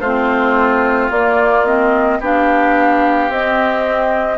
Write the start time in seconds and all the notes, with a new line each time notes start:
0.00 A3 C4 F4 C5
1.10 A#3 D5
1.66 C4 D#5
2.20 B3 D4 G4 F5
3.29 C4 D#5